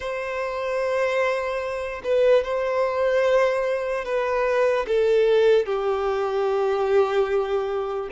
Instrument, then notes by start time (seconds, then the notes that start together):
violin
0.00 C5
2.04 B4
2.43 C5
4.05 B4
4.87 A4
5.65 G4